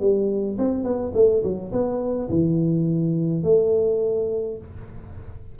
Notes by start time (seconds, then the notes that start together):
0.00 G3
0.58 C4
0.83 B3
1.14 A3
1.43 F#3
1.72 B3
2.29 E3
3.43 A3